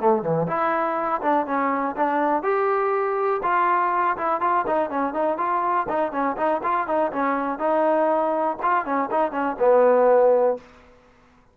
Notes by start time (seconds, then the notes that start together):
0.00 A3
0.22 E3
0.47 E4
1.22 D4
1.46 C#4
1.96 D4
2.43 G4
3.43 F4
4.17 E4
4.41 F4
4.67 D#4
4.90 C#4
5.14 D#4
5.38 F4
5.89 D#4
6.12 C#4
6.37 D#4
6.63 F4
6.87 D#4
7.12 C#4
7.59 D#4
8.62 F4
8.85 C#4
9.11 D#4
9.32 C#4
9.59 B3